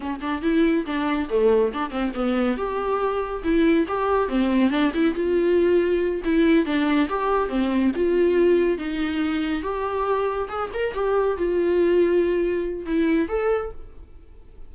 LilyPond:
\new Staff \with { instrumentName = "viola" } { \time 4/4 \tempo 4 = 140 cis'8 d'8 e'4 d'4 a4 | d'8 c'8 b4 g'2 | e'4 g'4 c'4 d'8 e'8 | f'2~ f'8 e'4 d'8~ |
d'8 g'4 c'4 f'4.~ | f'8 dis'2 g'4.~ | g'8 gis'8 ais'8 g'4 f'4.~ | f'2 e'4 a'4 | }